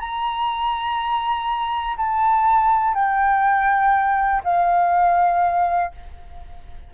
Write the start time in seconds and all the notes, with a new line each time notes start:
0.00 A#5
1.97 A5
2.95 G5
4.45 F5